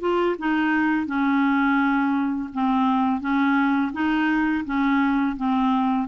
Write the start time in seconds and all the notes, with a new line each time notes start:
0.00 F4
0.38 D#4
1.06 C#4
2.53 C4
3.20 C#4
3.93 D#4
4.65 C#4
5.36 C4